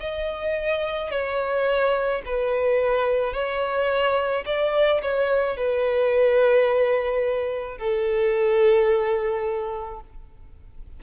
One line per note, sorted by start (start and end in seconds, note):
0.00 1.11 D#5
1.11 2.22 C#5
2.26 3.33 B4
3.33 4.44 C#5
4.45 5.01 D5
5.02 5.57 C#5
5.57 7.78 B4
7.78 10.00 A4